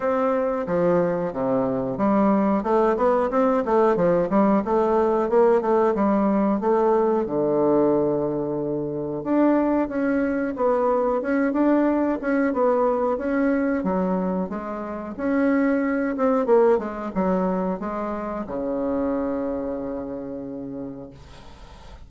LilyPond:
\new Staff \with { instrumentName = "bassoon" } { \time 4/4 \tempo 4 = 91 c'4 f4 c4 g4 | a8 b8 c'8 a8 f8 g8 a4 | ais8 a8 g4 a4 d4~ | d2 d'4 cis'4 |
b4 cis'8 d'4 cis'8 b4 | cis'4 fis4 gis4 cis'4~ | cis'8 c'8 ais8 gis8 fis4 gis4 | cis1 | }